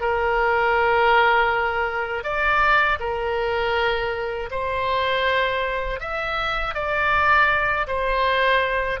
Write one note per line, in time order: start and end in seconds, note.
0.00 2.23 A#4
2.23 2.98 D5
2.99 4.49 A#4
4.51 6.00 C5
6.00 6.74 E5
6.74 7.86 D5
7.87 8.99 C5